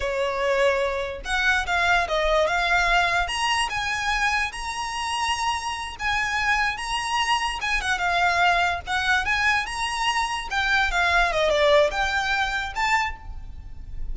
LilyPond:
\new Staff \with { instrumentName = "violin" } { \time 4/4 \tempo 4 = 146 cis''2. fis''4 | f''4 dis''4 f''2 | ais''4 gis''2 ais''4~ | ais''2~ ais''8 gis''4.~ |
gis''8 ais''2 gis''8 fis''8 f''8~ | f''4. fis''4 gis''4 ais''8~ | ais''4. g''4 f''4 dis''8 | d''4 g''2 a''4 | }